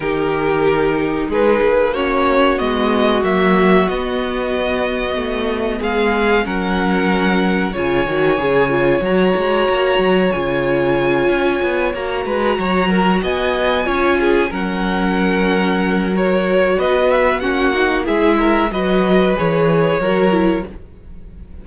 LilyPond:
<<
  \new Staff \with { instrumentName = "violin" } { \time 4/4 \tempo 4 = 93 ais'2 b'4 cis''4 | dis''4 e''4 dis''2~ | dis''4 f''4 fis''2 | gis''2 ais''2 |
gis''2~ gis''8 ais''4.~ | ais''8 gis''2 fis''4.~ | fis''4 cis''4 dis''8 e''8 fis''4 | e''4 dis''4 cis''2 | }
  \new Staff \with { instrumentName = "violin" } { \time 4/4 g'2 gis'4 fis'4~ | fis'1~ | fis'4 gis'4 ais'2 | cis''1~ |
cis''2. b'8 cis''8 | ais'8 dis''4 cis''8 gis'8 ais'4.~ | ais'2 b'4 fis'4 | gis'8 ais'8 b'2 ais'4 | }
  \new Staff \with { instrumentName = "viola" } { \time 4/4 dis'2. cis'4 | b4 ais4 b2~ | b2 cis'2 | f'8 fis'8 gis'8 f'8 fis'2 |
f'2~ f'8 fis'4.~ | fis'4. f'4 cis'4.~ | cis'4 fis'2 cis'8 dis'8 | e'4 fis'4 gis'4 fis'8 e'8 | }
  \new Staff \with { instrumentName = "cello" } { \time 4/4 dis2 gis8 ais4. | gis4 fis4 b2 | a4 gis4 fis2 | cis8 dis8 cis4 fis8 gis8 ais8 fis8 |
cis4. cis'8 b8 ais8 gis8 fis8~ | fis8 b4 cis'4 fis4.~ | fis2 b4 ais4 | gis4 fis4 e4 fis4 | }
>>